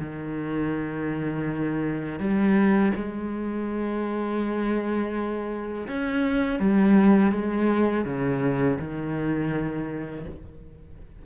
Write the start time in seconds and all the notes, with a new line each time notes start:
0.00 D#3
2.20 G3
2.95 G#3
5.88 C#4
6.60 G3
7.32 G#3
8.05 C#3
8.79 D#3